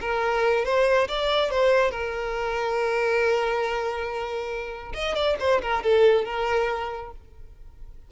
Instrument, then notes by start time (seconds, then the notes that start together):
violin
0.00 A#4
0.64 C5
1.08 D5
1.50 C5
1.91 A#4
4.93 D#5
5.15 D5
5.39 C5
5.62 A#4
5.83 A4
6.25 A#4